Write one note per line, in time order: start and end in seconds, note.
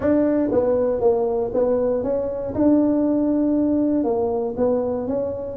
0.00 0.50 D4
0.51 1.00 B3
1.00 1.51 A#3
1.53 2.03 B3
2.03 2.54 C#4
2.54 4.04 D4
4.04 4.54 A#3
4.56 5.07 B3
5.07 5.57 C#4